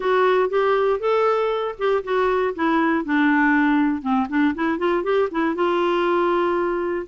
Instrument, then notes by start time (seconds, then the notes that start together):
clarinet
0.00 F#4
0.49 G4
0.99 A4
1.78 G4
2.04 F#4
2.55 E4
3.05 D4
4.02 C4
4.29 D4
4.54 E4
4.78 F4
5.03 G4
5.31 E4
5.55 F4